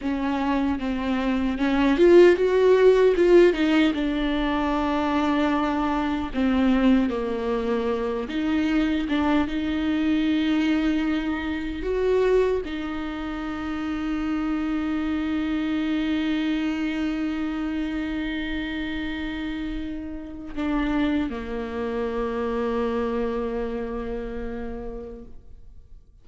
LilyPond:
\new Staff \with { instrumentName = "viola" } { \time 4/4 \tempo 4 = 76 cis'4 c'4 cis'8 f'8 fis'4 | f'8 dis'8 d'2. | c'4 ais4. dis'4 d'8 | dis'2. fis'4 |
dis'1~ | dis'1~ | dis'2 d'4 ais4~ | ais1 | }